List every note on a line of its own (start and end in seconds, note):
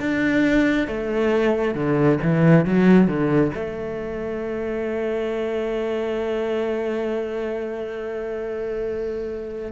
0.00 0.87 D4
0.87 1.74 A3
1.74 2.18 D3
2.22 2.65 E3
2.65 3.07 F#3
3.07 3.51 D3
3.54 9.71 A3